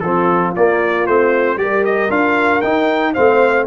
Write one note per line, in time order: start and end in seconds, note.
0.00 0.55 F3
0.00 0.56 C4
0.00 1.59 F4
0.00 0.52 A4
0.55 1.07 A#3
0.55 1.06 D5
1.06 1.57 A3
1.06 1.58 C4
1.06 1.58 C5
1.57 2.09 G3
1.57 2.10 G4
1.57 3.13 A#4
1.57 1.84 D5
1.85 2.11 D#5
2.10 2.62 D4
2.10 2.62 F4
2.10 2.61 F5
2.61 3.15 D#4
2.61 3.16 D#4
2.61 3.13 G5
3.13 3.67 A3
3.13 3.67 C4
3.13 3.65 C5
3.13 3.66 F5